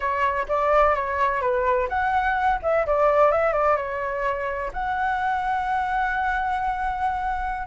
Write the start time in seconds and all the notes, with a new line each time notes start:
0.00 C#5
0.48 D5
0.95 C#5
1.41 B4
1.89 F#5
2.62 E5
2.86 D5
3.31 E5
3.52 D5
3.76 C#5
4.73 F#5